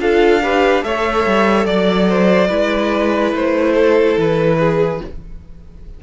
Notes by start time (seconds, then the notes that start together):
0.00 D4 F4 A4 F5
0.43 G4 B4
0.82 A3 A4 C#5 E5
1.26 G3
1.66 F#3 D5
2.09 C5
2.48 G#3 E4 B4
3.33 A3 C5
3.74 A4
4.18 E3 B4
4.60 G#4